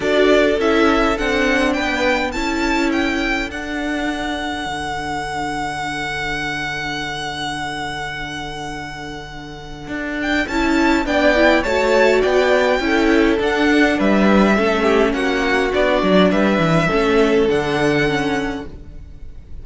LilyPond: <<
  \new Staff \with { instrumentName = "violin" } { \time 4/4 \tempo 4 = 103 d''4 e''4 fis''4 g''4 | a''4 g''4 fis''2~ | fis''1~ | fis''1~ |
fis''4. g''8 a''4 g''4 | a''4 g''2 fis''4 | e''2 fis''4 d''4 | e''2 fis''2 | }
  \new Staff \with { instrumentName = "violin" } { \time 4/4 a'2. b'4 | a'1~ | a'1~ | a'1~ |
a'2. d''4 | cis''4 d''4 a'2 | b'4 a'8 g'8 fis'2 | b'4 a'2. | }
  \new Staff \with { instrumentName = "viola" } { \time 4/4 fis'4 e'4 d'2 | e'2 d'2~ | d'1~ | d'1~ |
d'2 e'4 d'8 e'8 | fis'2 e'4 d'4~ | d'4 cis'2 d'4~ | d'4 cis'4 d'4 cis'4 | }
  \new Staff \with { instrumentName = "cello" } { \time 4/4 d'4 cis'4 c'4 b4 | cis'2 d'2 | d1~ | d1~ |
d4 d'4 cis'4 b4 | a4 b4 cis'4 d'4 | g4 a4 ais4 b8 fis8 | g8 e8 a4 d2 | }
>>